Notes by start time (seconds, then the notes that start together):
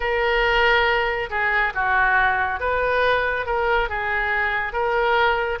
0.00 A#4
1.29 G#4
1.74 F#4
2.60 B4
3.46 A#4
3.89 G#4
4.72 A#4